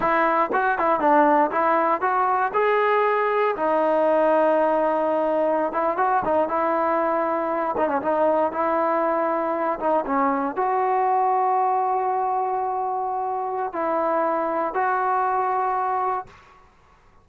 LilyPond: \new Staff \with { instrumentName = "trombone" } { \time 4/4 \tempo 4 = 118 e'4 fis'8 e'8 d'4 e'4 | fis'4 gis'2 dis'4~ | dis'2.~ dis'16 e'8 fis'16~ | fis'16 dis'8 e'2~ e'8 dis'16 cis'16 dis'16~ |
dis'8. e'2~ e'8 dis'8 cis'16~ | cis'8. fis'2.~ fis'16~ | fis'2. e'4~ | e'4 fis'2. | }